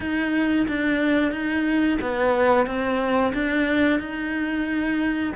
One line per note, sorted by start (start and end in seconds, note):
0.00 0.66 D#4
0.68 1.32 D4
1.32 1.98 D#4
2.01 2.66 B3
2.66 3.32 C4
3.33 3.99 D4
3.99 5.32 D#4